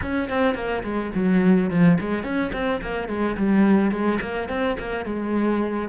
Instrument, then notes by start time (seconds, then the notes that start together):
cello
0.01 C#4
0.29 C4
0.55 A#3
0.83 G#3
1.14 F#3
1.69 F3
2.00 G#3
2.23 C#4
2.53 C4
2.81 A#3
3.08 G#3
3.37 G3
3.91 G#3
4.21 A#3
4.49 C4
4.79 A#3
5.05 G#3